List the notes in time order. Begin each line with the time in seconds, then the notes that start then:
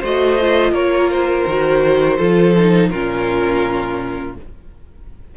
0.00 A3 F#4 C5 D#5
0.41 F4
0.72 A#3 A#4 C#5
1.11 C5
1.47 D#3 F#4
2.18 F3 F4 A4
2.58 D#4
2.90 A#2 C#4 F4 A#4